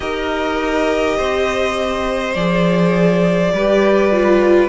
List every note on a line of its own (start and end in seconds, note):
0.00 1.16 D#4
0.00 2.34 G4
0.00 1.17 A#4
0.00 2.33 D#5
1.17 2.35 C4
1.17 3.52 C5
2.34 3.52 F3
2.34 3.53 G#4
2.34 4.69 D5
3.52 4.69 G3
3.52 4.12 G4
3.52 4.69 B4
4.12 4.69 F4